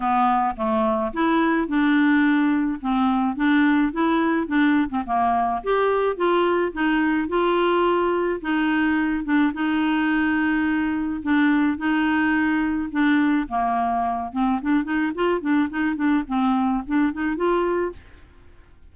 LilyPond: \new Staff \with { instrumentName = "clarinet" } { \time 4/4 \tempo 4 = 107 b4 a4 e'4 d'4~ | d'4 c'4 d'4 e'4 | d'8. c'16 ais4 g'4 f'4 | dis'4 f'2 dis'4~ |
dis'8 d'8 dis'2. | d'4 dis'2 d'4 | ais4. c'8 d'8 dis'8 f'8 d'8 | dis'8 d'8 c'4 d'8 dis'8 f'4 | }